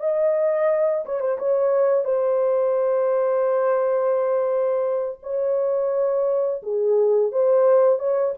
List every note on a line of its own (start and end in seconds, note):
0.00 1.05 D#5
1.06 1.21 C#5
1.21 1.38 C5
1.39 2.05 C#5
2.05 5.19 C5
5.23 6.62 C#5
6.62 7.32 G#4
7.32 7.99 C5
7.99 8.34 C#5